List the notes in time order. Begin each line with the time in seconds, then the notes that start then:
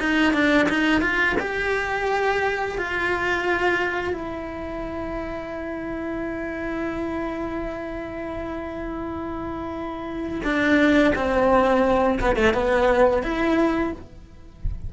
0.00 D#4
0.34 D4
0.69 D#4
1.02 F4
1.40 G4
2.78 F4
4.14 E4
10.45 D4
11.16 C4
12.21 B3
12.36 A3
12.54 B3
13.23 E4